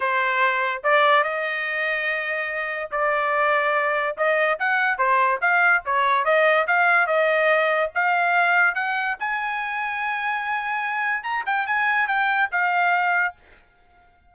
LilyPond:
\new Staff \with { instrumentName = "trumpet" } { \time 4/4 \tempo 4 = 144 c''2 d''4 dis''4~ | dis''2. d''4~ | d''2 dis''4 fis''4 | c''4 f''4 cis''4 dis''4 |
f''4 dis''2 f''4~ | f''4 fis''4 gis''2~ | gis''2. ais''8 g''8 | gis''4 g''4 f''2 | }